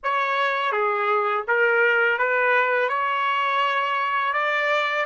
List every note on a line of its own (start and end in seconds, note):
0.03 0.72 C#5
0.72 1.44 G#4
1.47 2.18 A#4
2.18 2.88 B4
2.88 4.33 C#5
4.33 5.05 D5